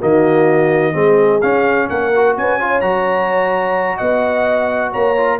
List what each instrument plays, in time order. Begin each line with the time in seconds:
0.00 tuba D#3, trombone A#3, horn F#4, trumpet D#5
0.93 tuba G#3, trombone C4, horn G#4
1.41 trombone C#4, tuba C#4, trumpet F5
1.89 tuba A#3, horn A#4, trumpet F#5
2.16 trombone F#4
2.37 tuba C#4, horn B4, trumpet G#5
2.60 trombone F4, horn C#5
2.81 tuba F#3, trombone F#4, trumpet A#5
3.97 tuba B3, horn D#5, trumpet F#5
4.91 tuba A#3, horn C#5, trumpet A#5
5.17 trombone F4